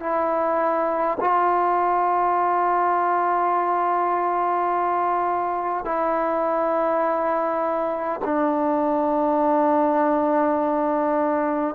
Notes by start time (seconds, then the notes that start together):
0.00 E4
1.20 F4
5.85 E4
8.25 D4